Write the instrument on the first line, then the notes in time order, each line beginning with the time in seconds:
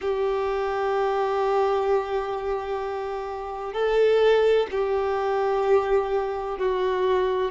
violin
0.01 G4
3.73 A4
4.71 G4
6.58 F#4